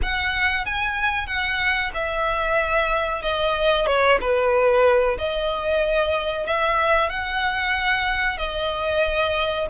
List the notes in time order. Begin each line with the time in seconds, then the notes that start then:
0.02 F#5
0.65 G#5
1.26 F#5
1.94 E5
3.22 D#5
3.86 C#5
4.20 B4
5.18 D#5
6.46 E5
7.09 F#5
8.37 D#5